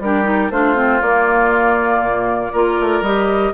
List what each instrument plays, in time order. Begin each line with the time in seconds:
0.00 bassoon G3, clarinet D4, oboe G4, flute A#4
0.24 clarinet D#4
0.51 bassoon A3, clarinet D4, oboe F4, flute C5
0.76 clarinet C4
1.02 bassoon A#3, clarinet A#3, flute D5
2.01 bassoon A#2
2.53 bassoon A#3, clarinet F4, oboe A#4
2.81 bassoon A3
3.02 bassoon G3, clarinet G4, flute D#5